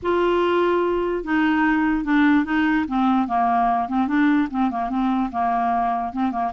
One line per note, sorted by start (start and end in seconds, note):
0.02 1.24 F4
1.24 2.04 D#4
2.04 2.45 D4
2.45 2.85 D#4
2.88 3.27 C4
3.27 3.88 A#3
3.88 4.07 C4
4.07 4.48 D4
4.50 4.70 C4
4.71 4.89 A#3
4.89 5.30 C4
5.31 6.13 A#3
6.13 6.31 C4
6.31 6.52 A#3